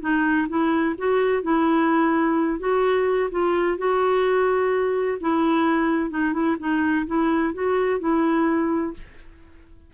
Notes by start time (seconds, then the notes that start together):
0.00 D#4
0.48 E4
0.97 F#4
1.42 E4
2.59 F#4
3.31 F4
3.77 F#4
5.20 E4
6.10 D#4
6.32 E4
6.59 D#4
7.06 E4
7.53 F#4
7.99 E4